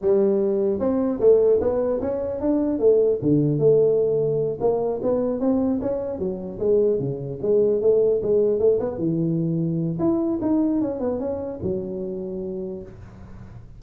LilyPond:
\new Staff \with { instrumentName = "tuba" } { \time 4/4 \tempo 4 = 150 g2 c'4 a4 | b4 cis'4 d'4 a4 | d4 a2~ a8 ais8~ | ais8 b4 c'4 cis'4 fis8~ |
fis8 gis4 cis4 gis4 a8~ | a8 gis4 a8 b8 e4.~ | e4 e'4 dis'4 cis'8 b8 | cis'4 fis2. | }